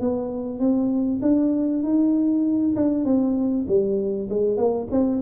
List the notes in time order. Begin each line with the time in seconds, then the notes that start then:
0.00 B3
0.59 C4
1.22 D4
1.83 D#4
2.76 D4
3.04 C4
3.68 G3
4.29 G#3
4.57 A#3
4.91 C4